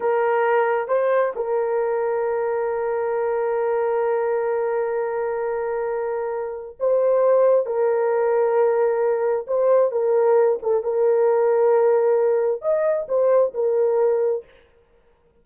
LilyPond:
\new Staff \with { instrumentName = "horn" } { \time 4/4 \tempo 4 = 133 ais'2 c''4 ais'4~ | ais'1~ | ais'1~ | ais'2. c''4~ |
c''4 ais'2.~ | ais'4 c''4 ais'4. a'8 | ais'1 | dis''4 c''4 ais'2 | }